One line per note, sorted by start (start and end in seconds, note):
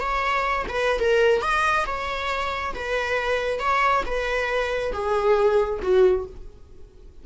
0.00 0.66 C#5
0.69 1.00 B4
1.00 1.42 A#4
1.42 1.86 D#5
1.86 2.74 C#5
2.74 3.60 B4
3.60 4.04 C#5
4.06 4.92 B4
4.92 5.80 G#4
5.82 6.26 F#4